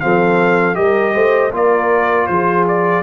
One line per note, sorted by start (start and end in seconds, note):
0.00 0.78 F3
0.00 0.75 C4
0.00 0.78 A4
0.00 0.75 F5
0.75 1.15 G3
0.75 1.50 G4
0.75 1.14 A#4
0.75 1.51 D#5
1.14 1.52 A3
1.14 1.52 C5
1.52 2.28 A#3
1.52 3.03 F4
1.52 2.28 A#4
1.52 2.26 D5
2.26 3.03 F3
2.26 3.03 G#4
2.26 2.64 C5
2.68 3.03 D5